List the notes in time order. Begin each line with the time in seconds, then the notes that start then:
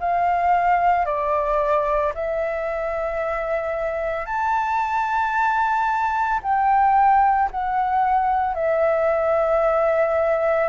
0.00 F5
1.06 D5
2.15 E5
4.26 A5
6.43 G5
7.51 F#5
8.55 E5